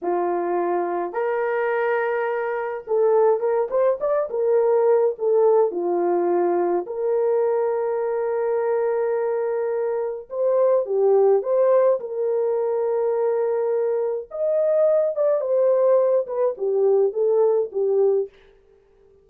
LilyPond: \new Staff \with { instrumentName = "horn" } { \time 4/4 \tempo 4 = 105 f'2 ais'2~ | ais'4 a'4 ais'8 c''8 d''8 ais'8~ | ais'4 a'4 f'2 | ais'1~ |
ais'2 c''4 g'4 | c''4 ais'2.~ | ais'4 dis''4. d''8 c''4~ | c''8 b'8 g'4 a'4 g'4 | }